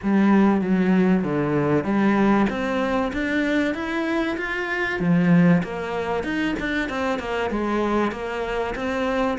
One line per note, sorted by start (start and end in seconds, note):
0.02 0.61 G3
0.61 1.23 F#3
1.23 1.84 D3
1.84 2.46 G3
2.49 3.12 C4
3.12 3.74 D4
3.74 4.36 E4
4.37 4.99 F4
4.99 5.62 F3
5.62 6.23 A#3
6.23 6.55 D#4
6.59 6.89 D4
6.89 7.19 C4
7.19 7.50 A#3
7.50 8.11 G#3
8.11 8.74 A#3
8.75 9.37 C4